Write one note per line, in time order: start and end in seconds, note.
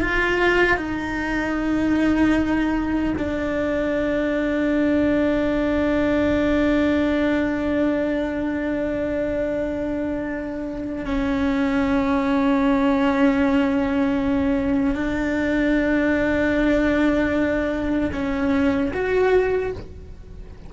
0.00 0.77 F4
0.77 3.14 D#4
3.18 11.05 D4
11.05 14.95 C#4
14.95 18.10 D4
18.13 18.92 C#4
18.93 19.72 F#4